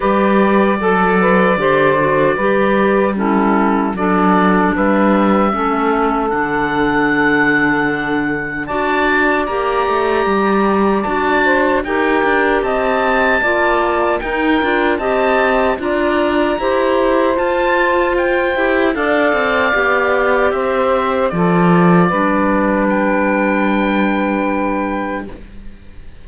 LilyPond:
<<
  \new Staff \with { instrumentName = "oboe" } { \time 4/4 \tempo 4 = 76 d''1 | a'4 d''4 e''2 | fis''2. a''4 | ais''2 a''4 g''4 |
a''2 g''4 a''4 | ais''2 a''4 g''4 | f''2 e''4 d''4~ | d''4 g''2. | }
  \new Staff \with { instrumentName = "saxophone" } { \time 4/4 b'4 a'8 b'8 c''4 b'4 | e'4 a'4 b'4 a'4~ | a'2. d''4~ | d''2~ d''8 c''8 ais'4 |
dis''4 d''4 ais'4 dis''4 | d''4 c''2. | d''2 c''4 a'4 | b'1 | }
  \new Staff \with { instrumentName = "clarinet" } { \time 4/4 g'4 a'4 g'8 fis'8 g'4 | cis'4 d'2 cis'4 | d'2. fis'4 | g'2 fis'4 g'4~ |
g'4 f'4 dis'8 f'8 g'4 | f'4 g'4 f'4. g'8 | a'4 g'2 f'4 | d'1 | }
  \new Staff \with { instrumentName = "cello" } { \time 4/4 g4 fis4 d4 g4~ | g4 fis4 g4 a4 | d2. d'4 | ais8 a8 g4 d'4 dis'8 d'8 |
c'4 ais4 dis'8 d'8 c'4 | d'4 e'4 f'4. e'8 | d'8 c'8 b4 c'4 f4 | g1 | }
>>